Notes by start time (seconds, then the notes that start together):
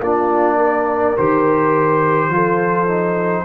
0.00 A#3 D4 F4 D5
0.56 A#4
1.17 D#3 G4 C5
2.29 F3 F4 A4
2.88 D#4